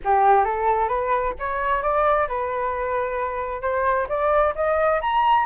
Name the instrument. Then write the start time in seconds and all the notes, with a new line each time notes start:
flute
0.04 G4
0.44 A4
0.88 B4
1.39 C#5
1.82 D5
2.28 B4
3.61 C5
4.08 D5
4.55 D#5
5.01 A#5